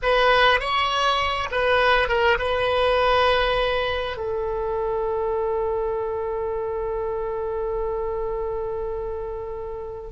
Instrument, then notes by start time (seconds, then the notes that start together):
oboe
0.02 B4
0.60 C#5
1.51 B4
2.08 A#4
2.38 B4
4.16 A4